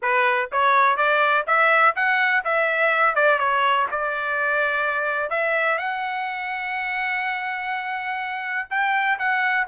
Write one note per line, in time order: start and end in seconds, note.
0.01 0.50 B4
0.52 0.96 C#5
0.96 1.45 D5
1.46 1.95 E5
1.95 2.44 F#5
2.44 3.15 E5
3.15 3.38 D5
3.38 3.87 C#5
3.91 5.30 D5
5.30 5.78 E5
5.78 8.68 F#5
8.70 9.18 G5
9.18 9.67 F#5